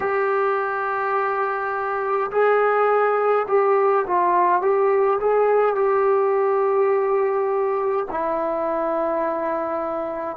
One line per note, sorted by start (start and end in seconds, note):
0.00 2.30 G4
2.31 3.46 G#4
3.48 4.05 G4
4.06 4.61 F4
4.61 5.19 G4
5.20 5.75 G#4
5.75 8.06 G4
8.10 10.36 E4